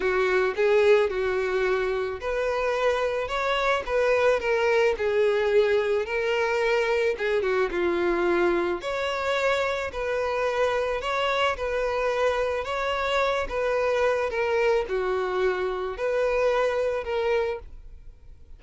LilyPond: \new Staff \with { instrumentName = "violin" } { \time 4/4 \tempo 4 = 109 fis'4 gis'4 fis'2 | b'2 cis''4 b'4 | ais'4 gis'2 ais'4~ | ais'4 gis'8 fis'8 f'2 |
cis''2 b'2 | cis''4 b'2 cis''4~ | cis''8 b'4. ais'4 fis'4~ | fis'4 b'2 ais'4 | }